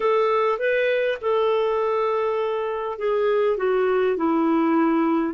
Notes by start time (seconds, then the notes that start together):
0.00 A4
0.58 B4
1.21 A4
2.98 G#4
3.57 F#4
4.17 E4